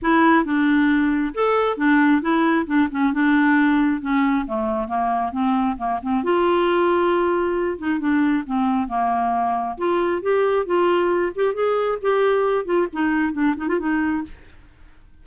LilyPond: \new Staff \with { instrumentName = "clarinet" } { \time 4/4 \tempo 4 = 135 e'4 d'2 a'4 | d'4 e'4 d'8 cis'8 d'4~ | d'4 cis'4 a4 ais4 | c'4 ais8 c'8 f'2~ |
f'4. dis'8 d'4 c'4 | ais2 f'4 g'4 | f'4. g'8 gis'4 g'4~ | g'8 f'8 dis'4 d'8 dis'16 f'16 dis'4 | }